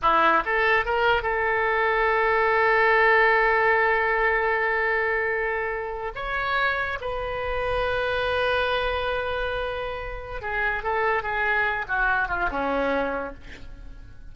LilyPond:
\new Staff \with { instrumentName = "oboe" } { \time 4/4 \tempo 4 = 144 e'4 a'4 ais'4 a'4~ | a'1~ | a'1~ | a'2~ a'8. cis''4~ cis''16~ |
cis''8. b'2.~ b'16~ | b'1~ | b'4 gis'4 a'4 gis'4~ | gis'8 fis'4 f'8 cis'2 | }